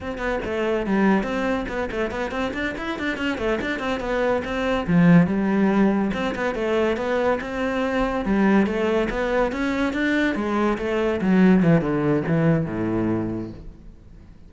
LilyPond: \new Staff \with { instrumentName = "cello" } { \time 4/4 \tempo 4 = 142 c'8 b8 a4 g4 c'4 | b8 a8 b8 c'8 d'8 e'8 d'8 cis'8 | a8 d'8 c'8 b4 c'4 f8~ | f8 g2 c'8 b8 a8~ |
a8 b4 c'2 g8~ | g8 a4 b4 cis'4 d'8~ | d'8 gis4 a4 fis4 e8 | d4 e4 a,2 | }